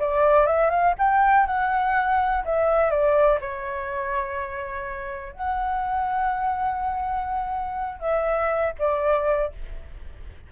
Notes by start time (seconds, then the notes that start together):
0.00 D5
0.47 E5
0.71 F5
0.99 G5
1.47 F#5
2.45 E5
2.91 D5
3.41 C#5
5.33 F#5
8.00 E5
8.79 D5